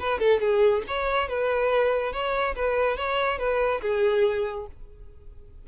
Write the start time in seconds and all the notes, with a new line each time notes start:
0.00 B4
0.19 A4
0.41 G#4
0.88 C#5
1.29 B4
2.13 C#5
2.56 B4
2.97 C#5
3.39 B4
3.82 G#4